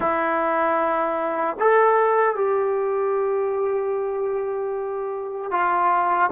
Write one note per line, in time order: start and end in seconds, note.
0.00 1.56 E4
1.59 2.35 A4
2.35 5.51 G4
5.51 6.30 F4